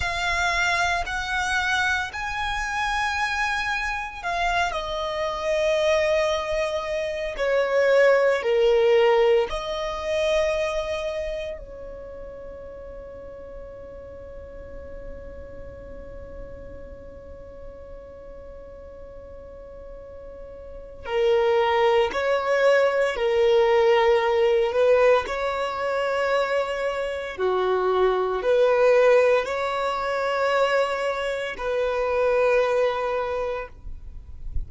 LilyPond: \new Staff \with { instrumentName = "violin" } { \time 4/4 \tempo 4 = 57 f''4 fis''4 gis''2 | f''8 dis''2~ dis''8 cis''4 | ais'4 dis''2 cis''4~ | cis''1~ |
cis''1 | ais'4 cis''4 ais'4. b'8 | cis''2 fis'4 b'4 | cis''2 b'2 | }